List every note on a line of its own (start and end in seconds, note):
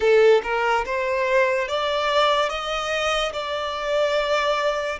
0.00 0.41 A4
0.43 0.84 A#4
0.85 1.67 C5
1.67 2.49 D5
2.49 3.32 D#5
3.32 4.99 D5